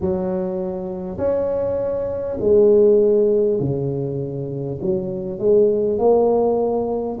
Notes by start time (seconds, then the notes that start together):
0.01 F#3
1.17 C#4
2.40 G#3
3.59 C#3
4.81 F#3
5.38 G#3
5.98 A#3